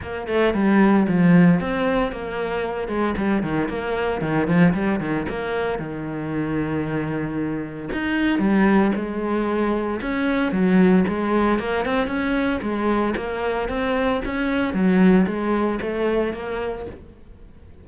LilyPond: \new Staff \with { instrumentName = "cello" } { \time 4/4 \tempo 4 = 114 ais8 a8 g4 f4 c'4 | ais4. gis8 g8 dis8 ais4 | dis8 f8 g8 dis8 ais4 dis4~ | dis2. dis'4 |
g4 gis2 cis'4 | fis4 gis4 ais8 c'8 cis'4 | gis4 ais4 c'4 cis'4 | fis4 gis4 a4 ais4 | }